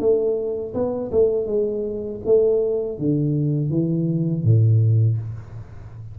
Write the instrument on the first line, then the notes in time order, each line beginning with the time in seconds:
tuba
0.00 A3
0.74 B3
1.12 A3
1.47 G#3
2.26 A3
2.99 D3
3.71 E3
4.44 A2